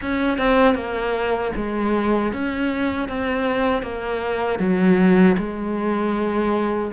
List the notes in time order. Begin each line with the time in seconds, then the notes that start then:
0.01 C#4
0.37 C4
0.74 A#3
1.56 G#3
2.33 C#4
3.08 C4
3.82 A#3
4.59 F#3
5.37 G#3